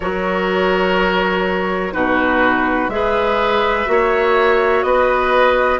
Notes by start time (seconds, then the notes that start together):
0.00 F#3 F#4 A#4 C#5
1.92 B2 D#4 F#4 B4
2.88 G#3 G#4 B4 E5
3.86 A#3 F#4 C#5
4.82 B3 B4 D#5